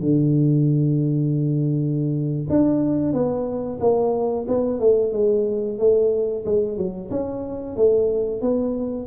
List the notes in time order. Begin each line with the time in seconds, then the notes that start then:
0.00 D3
2.49 D4
3.13 B3
3.80 A#3
4.47 B3
4.80 A3
5.12 G#3
5.78 A3
6.45 G#3
6.77 F#3
7.10 C#4
7.76 A3
8.41 B3